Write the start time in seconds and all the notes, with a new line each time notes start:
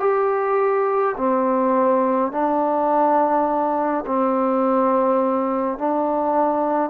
0.00 G4
1.17 C4
2.31 D4
4.06 C4
5.78 D4